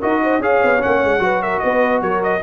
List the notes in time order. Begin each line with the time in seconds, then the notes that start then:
0.00 D#4 F#4 A#4 D#5
0.23 C5
0.39 C#4 G#4 C#5 F5
0.63 B3
0.80 A#3 C#4 F#5
1.04 G#3
1.20 F#3 F#4 B4
1.42 A#4 E5
1.59 B3 B4 D#5
2.02 F#3 A#4 C#5
2.23 D#5